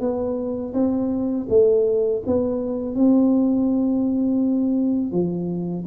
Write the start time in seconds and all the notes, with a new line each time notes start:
0.00 B3
0.74 C4
1.49 A3
2.26 B3
2.95 C4
5.12 F3